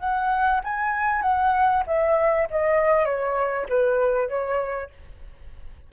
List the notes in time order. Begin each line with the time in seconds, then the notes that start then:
0.00 F#5
0.64 G#5
1.22 F#5
1.87 E5
2.51 D#5
3.05 C#5
3.69 B4
4.29 C#5